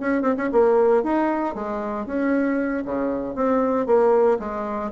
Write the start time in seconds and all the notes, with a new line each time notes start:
0.00 C#4
0.22 C4
0.37 C#4
0.52 A#3
1.03 D#4
1.55 G#3
2.06 C#4
2.85 C#3
3.36 C4
3.86 A#3
4.39 G#3